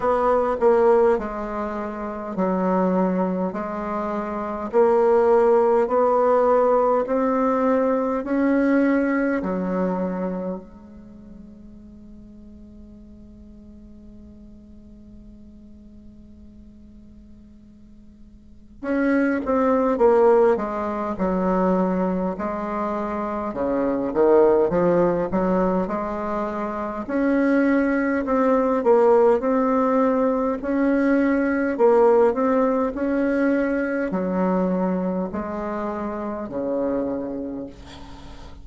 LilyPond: \new Staff \with { instrumentName = "bassoon" } { \time 4/4 \tempo 4 = 51 b8 ais8 gis4 fis4 gis4 | ais4 b4 c'4 cis'4 | fis4 gis2.~ | gis1 |
cis'8 c'8 ais8 gis8 fis4 gis4 | cis8 dis8 f8 fis8 gis4 cis'4 | c'8 ais8 c'4 cis'4 ais8 c'8 | cis'4 fis4 gis4 cis4 | }